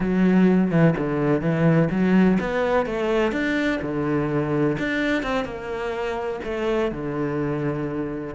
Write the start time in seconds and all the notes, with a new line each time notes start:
0.00 F#3
0.70 E3
0.97 D3
1.41 E3
1.90 F#3
2.40 B3
2.85 A3
3.32 D4
3.82 D3
4.78 D4
5.23 C4
5.44 A#3
6.44 A3
6.91 D3